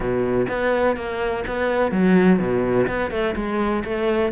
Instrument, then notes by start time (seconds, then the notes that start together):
cello
0.00 B2
0.48 B3
0.96 A#3
1.47 B3
1.91 F#3
2.39 B2
2.87 B3
3.10 A3
3.35 G#3
3.84 A3